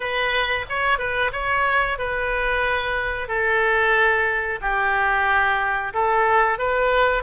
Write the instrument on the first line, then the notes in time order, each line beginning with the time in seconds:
oboe
0.00 B4
0.69 C#5
0.98 B4
1.32 C#5
1.98 B4
3.28 A4
4.61 G4
5.93 A4
6.58 B4